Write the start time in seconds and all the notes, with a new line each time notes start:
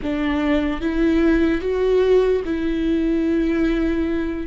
0.02 D4
0.80 E4
1.61 F#4
2.45 E4